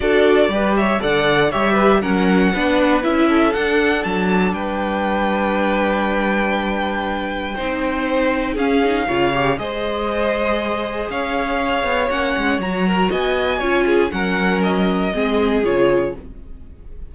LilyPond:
<<
  \new Staff \with { instrumentName = "violin" } { \time 4/4 \tempo 4 = 119 d''4. e''8 fis''4 e''4 | fis''2 e''4 fis''4 | a''4 g''2.~ | g''1~ |
g''4 f''2 dis''4~ | dis''2 f''2 | fis''4 ais''4 gis''2 | fis''4 dis''2 cis''4 | }
  \new Staff \with { instrumentName = "violin" } { \time 4/4 a'4 b'8 cis''8 d''4 cis''8 b'8 | ais'4 b'4. a'4.~ | a'4 b'2.~ | b'2. c''4~ |
c''4 gis'4 cis''4 c''4~ | c''2 cis''2~ | cis''4. ais'8 dis''4 cis''8 gis'8 | ais'2 gis'2 | }
  \new Staff \with { instrumentName = "viola" } { \time 4/4 fis'4 g'4 a'4 g'4 | cis'4 d'4 e'4 d'4~ | d'1~ | d'2. dis'4~ |
dis'4 cis'8 dis'8 f'8 g'8 gis'4~ | gis'1 | cis'4 fis'2 f'4 | cis'2 c'4 f'4 | }
  \new Staff \with { instrumentName = "cello" } { \time 4/4 d'4 g4 d4 g4 | fis4 b4 cis'4 d'4 | fis4 g2.~ | g2. c'4~ |
c'4 cis'4 cis4 gis4~ | gis2 cis'4. b8 | ais8 gis8 fis4 b4 cis'4 | fis2 gis4 cis4 | }
>>